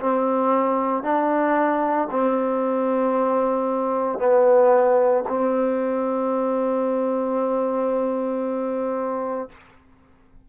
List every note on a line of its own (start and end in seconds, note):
0.00 1.03 C4
1.03 2.08 D4
2.11 4.19 C4
4.19 5.24 B3
5.28 9.49 C4